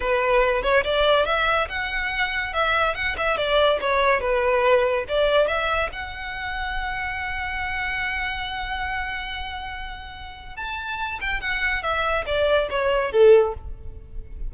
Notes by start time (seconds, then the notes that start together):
0.00 B4
0.62 C#5
0.84 D5
1.25 E5
1.68 F#5
2.53 E5
2.94 F#5
3.17 E5
3.37 D5
3.80 C#5
4.20 B4
5.08 D5
5.47 E5
5.92 F#5
10.56 A5
11.20 G5
11.40 F#5
11.82 E5
12.26 D5
12.70 C#5
13.12 A4